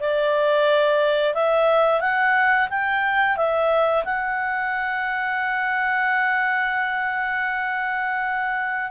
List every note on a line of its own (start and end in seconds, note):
0.00 1.35 D5
1.35 2.01 E5
2.01 2.68 F#5
2.70 3.37 G5
3.37 4.04 E5
4.05 8.92 F#5